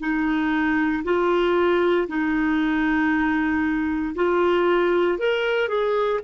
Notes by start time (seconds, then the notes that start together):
0.00 D#4
1.04 F4
2.08 D#4
4.16 F4
5.19 A#4
5.68 G#4